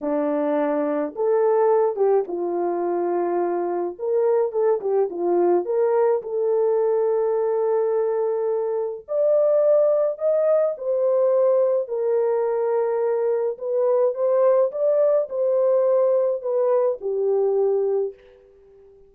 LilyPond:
\new Staff \with { instrumentName = "horn" } { \time 4/4 \tempo 4 = 106 d'2 a'4. g'8 | f'2. ais'4 | a'8 g'8 f'4 ais'4 a'4~ | a'1 |
d''2 dis''4 c''4~ | c''4 ais'2. | b'4 c''4 d''4 c''4~ | c''4 b'4 g'2 | }